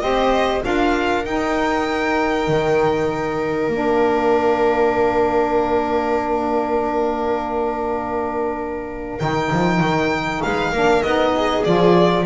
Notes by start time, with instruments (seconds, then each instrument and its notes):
0.00 double bass C4, saxophone G4, viola C5, violin D#5
0.62 double bass D4, saxophone F4, viola A#4, violin F5
1.25 double bass D#4, saxophone D#4, violin G5
2.48 double bass D#3
3.69 double bass A#3, saxophone D4, violin F5
9.20 double bass D#3, saxophone D#4, violin G5
9.53 double bass F3
9.81 double bass D#3
10.43 double bass G#3, viola B4, violin F5
10.72 double bass A#3, saxophone D4, viola A#4
11.03 double bass B3, saxophone D#4, violin D#5
11.36 viola G#4
11.64 double bass F3, saxophone F4, violin D5